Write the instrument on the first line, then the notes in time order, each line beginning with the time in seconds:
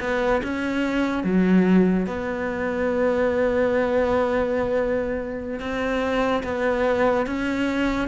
cello
0.00 B3
0.44 C#4
1.24 F#3
2.06 B3
5.59 C4
6.43 B3
7.27 C#4